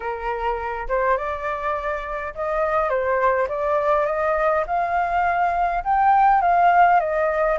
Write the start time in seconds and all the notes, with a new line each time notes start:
0.00 A#4
0.88 C5
1.17 D5
2.34 D#5
2.89 C5
3.48 D5
4.06 D#5
4.67 F5
5.84 G5
6.41 F5
7.00 D#5